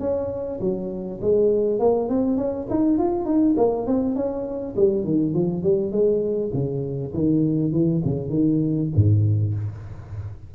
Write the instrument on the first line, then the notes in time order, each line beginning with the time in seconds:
tuba
0.00 C#4
0.60 F#3
1.21 G#3
1.80 A#3
2.09 C4
2.37 C#4
2.70 D#4
2.98 F4
3.25 D#4
3.57 A#3
3.87 C4
4.16 C#4
4.77 G3
5.04 D#3
5.34 F3
5.63 G3
5.92 G#3
6.53 C#3
7.14 D#3
7.72 E3
8.05 C#3
8.30 D#3
8.95 G#2